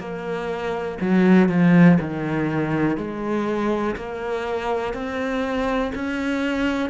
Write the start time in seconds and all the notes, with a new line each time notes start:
0.00 A#3
1.01 F#3
1.49 F3
2.01 D#3
2.98 G#3
3.96 A#3
4.94 C4
5.95 C#4